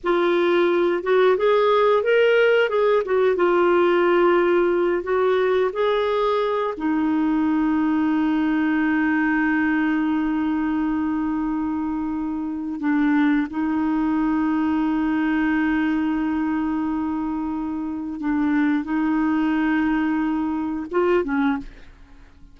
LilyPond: \new Staff \with { instrumentName = "clarinet" } { \time 4/4 \tempo 4 = 89 f'4. fis'8 gis'4 ais'4 | gis'8 fis'8 f'2~ f'8 fis'8~ | fis'8 gis'4. dis'2~ | dis'1~ |
dis'2. d'4 | dis'1~ | dis'2. d'4 | dis'2. f'8 cis'8 | }